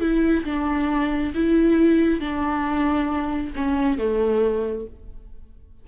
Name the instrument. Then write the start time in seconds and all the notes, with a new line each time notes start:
viola
0.00 E4
0.45 D4
1.34 E4
2.20 D4
3.56 C#4
3.98 A3